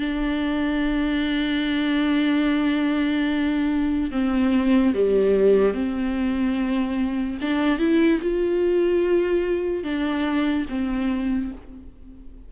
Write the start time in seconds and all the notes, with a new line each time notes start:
0.00 D4
4.11 C4
4.94 G3
5.74 C4
7.41 D4
7.79 E4
8.22 F4
9.84 D4
10.70 C4